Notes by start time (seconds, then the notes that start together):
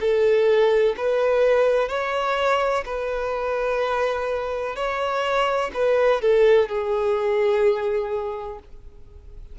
0.00 A4
0.97 B4
1.89 C#5
2.86 B4
4.76 C#5
5.74 B4
6.22 A4
6.69 G#4